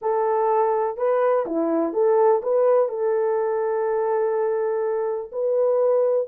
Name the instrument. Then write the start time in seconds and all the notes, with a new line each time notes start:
horn
0.01 A4
0.97 B4
1.46 E4
1.93 A4
2.42 B4
2.88 A4
5.32 B4